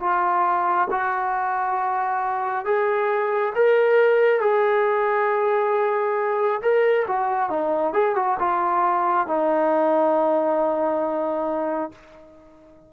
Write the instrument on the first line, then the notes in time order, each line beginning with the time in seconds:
trombone
0.00 F4
0.91 F#4
2.65 G#4
3.55 A#4
4.40 G#4
6.62 A#4
7.07 F#4
7.50 D#4
7.93 G#4
8.16 F#4
8.39 F4
9.27 D#4